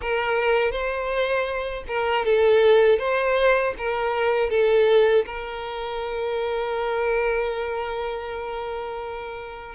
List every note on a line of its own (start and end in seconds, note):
0.01 0.71 A#4
0.71 1.84 C5
1.88 2.25 A#4
2.25 2.99 A4
2.99 3.74 C5
3.77 4.50 A#4
4.50 5.25 A4
5.26 9.74 A#4